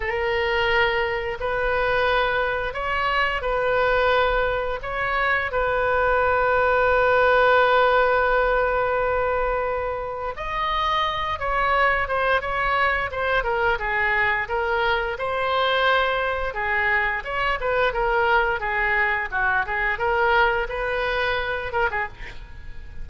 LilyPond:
\new Staff \with { instrumentName = "oboe" } { \time 4/4 \tempo 4 = 87 ais'2 b'2 | cis''4 b'2 cis''4 | b'1~ | b'2. dis''4~ |
dis''8 cis''4 c''8 cis''4 c''8 ais'8 | gis'4 ais'4 c''2 | gis'4 cis''8 b'8 ais'4 gis'4 | fis'8 gis'8 ais'4 b'4. ais'16 gis'16 | }